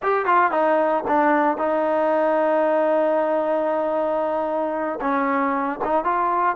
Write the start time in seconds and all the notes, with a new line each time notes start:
0.02 G4
0.25 F4
0.51 D#4
1.07 D4
1.57 D#4
5.00 C#4
5.84 D#4
6.04 F4